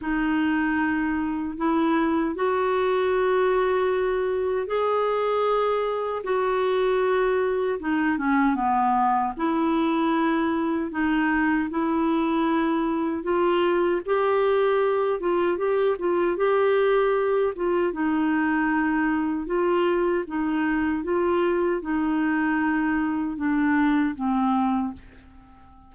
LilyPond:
\new Staff \with { instrumentName = "clarinet" } { \time 4/4 \tempo 4 = 77 dis'2 e'4 fis'4~ | fis'2 gis'2 | fis'2 dis'8 cis'8 b4 | e'2 dis'4 e'4~ |
e'4 f'4 g'4. f'8 | g'8 f'8 g'4. f'8 dis'4~ | dis'4 f'4 dis'4 f'4 | dis'2 d'4 c'4 | }